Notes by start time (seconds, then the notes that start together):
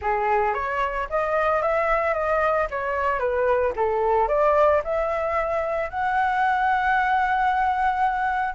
0.01 G#4
0.54 C#5
1.09 D#5
1.62 E5
2.14 D#5
2.70 C#5
3.19 B4
3.76 A4
4.27 D5
4.84 E5
5.90 F#5